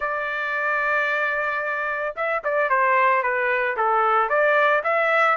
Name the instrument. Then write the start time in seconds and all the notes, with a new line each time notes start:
trumpet
0.00 D5
2.16 E5
2.44 D5
2.69 C5
3.22 B4
3.76 A4
4.29 D5
4.83 E5